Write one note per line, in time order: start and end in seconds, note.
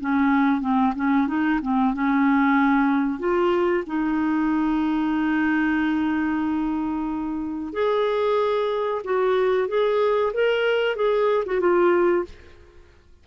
0.00 0.61 C#4
0.61 0.93 C4
0.96 1.28 C#4
1.28 1.60 D#4
1.62 1.94 C4
1.94 3.19 C#4
3.19 3.84 F4
3.87 7.73 D#4
7.73 9.02 G#4
9.04 9.68 F#4
9.68 10.33 G#4
10.33 10.96 A#4
10.96 11.44 G#4
11.46 11.60 F#4
11.60 12.25 F4